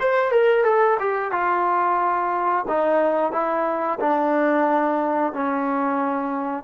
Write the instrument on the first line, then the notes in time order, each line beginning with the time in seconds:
trombone
0.00 C5
0.32 A#4
0.65 A4
1.00 G4
1.32 F4
2.68 D#4
3.32 E4
4.00 D4
5.33 C#4